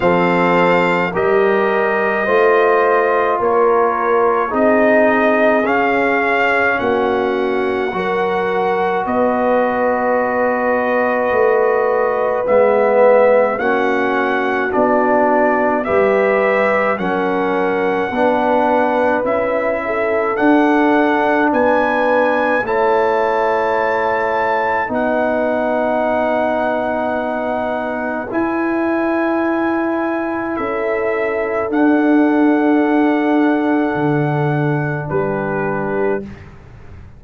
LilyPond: <<
  \new Staff \with { instrumentName = "trumpet" } { \time 4/4 \tempo 4 = 53 f''4 dis''2 cis''4 | dis''4 f''4 fis''2 | dis''2. e''4 | fis''4 d''4 e''4 fis''4~ |
fis''4 e''4 fis''4 gis''4 | a''2 fis''2~ | fis''4 gis''2 e''4 | fis''2. b'4 | }
  \new Staff \with { instrumentName = "horn" } { \time 4/4 a'4 ais'4 c''4 ais'4 | gis'2 fis'4 ais'4 | b'1 | fis'2 b'4 ais'4 |
b'4. a'4. b'4 | cis''2 b'2~ | b'2. a'4~ | a'2. g'4 | }
  \new Staff \with { instrumentName = "trombone" } { \time 4/4 c'4 g'4 f'2 | dis'4 cis'2 fis'4~ | fis'2. b4 | cis'4 d'4 g'4 cis'4 |
d'4 e'4 d'2 | e'2 dis'2~ | dis'4 e'2. | d'1 | }
  \new Staff \with { instrumentName = "tuba" } { \time 4/4 f4 g4 a4 ais4 | c'4 cis'4 ais4 fis4 | b2 a4 gis4 | ais4 b4 g4 fis4 |
b4 cis'4 d'4 b4 | a2 b2~ | b4 e'2 cis'4 | d'2 d4 g4 | }
>>